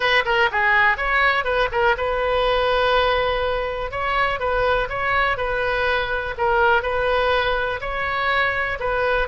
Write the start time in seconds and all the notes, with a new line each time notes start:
0.00 B4
0.25 A#4
0.51 G#4
0.97 C#5
1.44 B4
1.71 A#4
1.97 B4
3.91 C#5
4.39 B4
4.89 C#5
5.37 B4
6.37 A#4
6.82 B4
7.80 C#5
8.79 B4